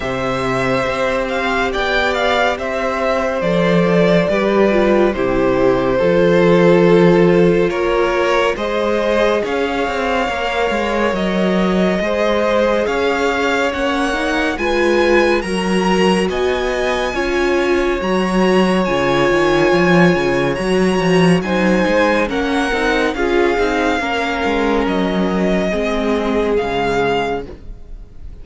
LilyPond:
<<
  \new Staff \with { instrumentName = "violin" } { \time 4/4 \tempo 4 = 70 e''4. f''8 g''8 f''8 e''4 | d''2 c''2~ | c''4 cis''4 dis''4 f''4~ | f''4 dis''2 f''4 |
fis''4 gis''4 ais''4 gis''4~ | gis''4 ais''4 gis''2 | ais''4 gis''4 fis''4 f''4~ | f''4 dis''2 f''4 | }
  \new Staff \with { instrumentName = "violin" } { \time 4/4 c''2 d''4 c''4~ | c''4 b'4 g'4 a'4~ | a'4 ais'4 c''4 cis''4~ | cis''2 c''4 cis''4~ |
cis''4 b'4 ais'4 dis''4 | cis''1~ | cis''4 c''4 ais'4 gis'4 | ais'2 gis'2 | }
  \new Staff \with { instrumentName = "viola" } { \time 4/4 g'1 | a'4 g'8 f'8 e'4 f'4~ | f'2 gis'2 | ais'2 gis'2 |
cis'8 dis'8 f'4 fis'2 | f'4 fis'4 f'2 | fis'4 dis'4 cis'8 dis'8 f'8 dis'8 | cis'2 c'4 gis4 | }
  \new Staff \with { instrumentName = "cello" } { \time 4/4 c4 c'4 b4 c'4 | f4 g4 c4 f4~ | f4 ais4 gis4 cis'8 c'8 | ais8 gis8 fis4 gis4 cis'4 |
ais4 gis4 fis4 b4 | cis'4 fis4 cis8 dis8 f8 cis8 | fis8 f8 fis8 gis8 ais8 c'8 cis'8 c'8 | ais8 gis8 fis4 gis4 cis4 | }
>>